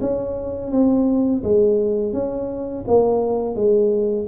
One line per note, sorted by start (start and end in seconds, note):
0.00 0.71 C#4
0.71 1.42 C4
1.43 2.13 G#3
2.13 2.84 C#4
2.87 3.55 A#3
3.55 4.26 G#3